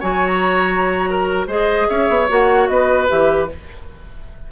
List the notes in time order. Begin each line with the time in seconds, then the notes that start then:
0.00 F#3 F#4 C#5 G#5
0.27 A#5
1.10 A#4
1.47 G#3 G#4 C5 D#5
1.89 C#4 C#5 E5
2.09 B3
2.29 A#3 F#4 F#5
2.68 B3 B4 D#5
3.08 E3 G4 E5